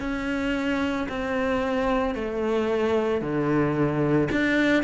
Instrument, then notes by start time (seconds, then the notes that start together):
cello
0.00 C#4
1.09 C4
2.15 A3
3.21 D3
4.32 D4